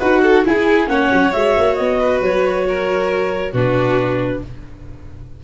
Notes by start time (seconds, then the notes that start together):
0.00 D#4 F#4 B4 F#5
0.23 A4
0.46 E4 G#4 G#5
0.87 A#3 C#4 C#5 F#5
1.13 F#3
1.33 G#3 F#4 E5
1.58 A#3
1.75 B3 D#5
2.00 B4
2.21 F#3 C#5
2.69 A#4
3.52 B2 D4 F#4 B4